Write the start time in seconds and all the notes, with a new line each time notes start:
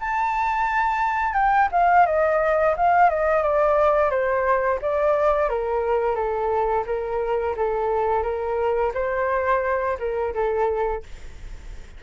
0.00 A5
1.34 G5
1.72 F5
2.06 D#5
2.77 F5
3.10 D#5
3.43 D5
4.10 C5
4.82 D5
5.49 A#4
6.15 A4
6.86 A#4
7.56 A4
8.23 A#4
8.94 C5
9.99 A#4
10.34 A4